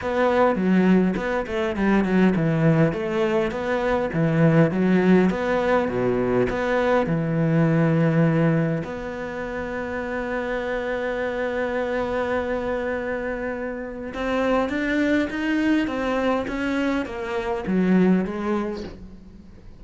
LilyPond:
\new Staff \with { instrumentName = "cello" } { \time 4/4 \tempo 4 = 102 b4 fis4 b8 a8 g8 fis8 | e4 a4 b4 e4 | fis4 b4 b,4 b4 | e2. b4~ |
b1~ | b1 | c'4 d'4 dis'4 c'4 | cis'4 ais4 fis4 gis4 | }